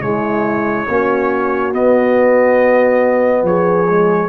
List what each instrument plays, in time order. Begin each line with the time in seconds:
0.00 tuba C#3, trombone G#3, horn E4, trumpet C#5
0.88 tuba A#3, trombone C#4, horn F#4
1.72 trombone B3, tuba B3, trumpet D#5
3.43 tuba F3, horn G#4, trumpet C#5
3.88 trombone G#3